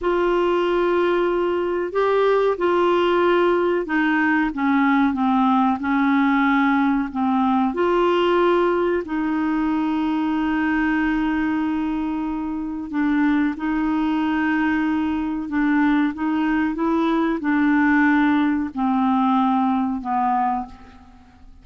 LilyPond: \new Staff \with { instrumentName = "clarinet" } { \time 4/4 \tempo 4 = 93 f'2. g'4 | f'2 dis'4 cis'4 | c'4 cis'2 c'4 | f'2 dis'2~ |
dis'1 | d'4 dis'2. | d'4 dis'4 e'4 d'4~ | d'4 c'2 b4 | }